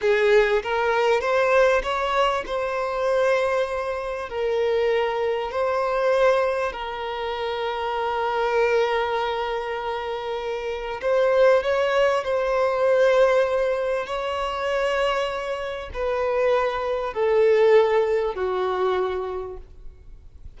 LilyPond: \new Staff \with { instrumentName = "violin" } { \time 4/4 \tempo 4 = 98 gis'4 ais'4 c''4 cis''4 | c''2. ais'4~ | ais'4 c''2 ais'4~ | ais'1~ |
ais'2 c''4 cis''4 | c''2. cis''4~ | cis''2 b'2 | a'2 fis'2 | }